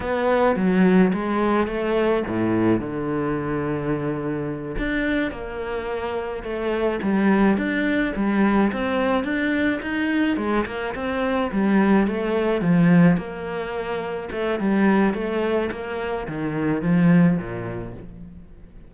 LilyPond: \new Staff \with { instrumentName = "cello" } { \time 4/4 \tempo 4 = 107 b4 fis4 gis4 a4 | a,4 d2.~ | d8 d'4 ais2 a8~ | a8 g4 d'4 g4 c'8~ |
c'8 d'4 dis'4 gis8 ais8 c'8~ | c'8 g4 a4 f4 ais8~ | ais4. a8 g4 a4 | ais4 dis4 f4 ais,4 | }